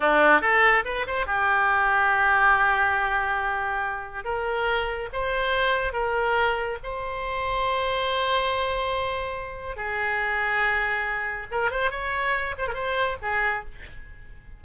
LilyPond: \new Staff \with { instrumentName = "oboe" } { \time 4/4 \tempo 4 = 141 d'4 a'4 b'8 c''8 g'4~ | g'1~ | g'2 ais'2 | c''2 ais'2 |
c''1~ | c''2. gis'4~ | gis'2. ais'8 c''8 | cis''4. c''16 ais'16 c''4 gis'4 | }